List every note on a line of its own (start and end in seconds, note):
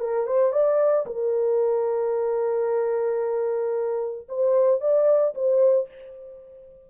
0.00 0.27 A#4
0.27 0.53 C5
0.53 1.06 D5
1.07 4.28 A#4
4.29 4.81 C5
4.81 5.34 D5
5.35 5.89 C5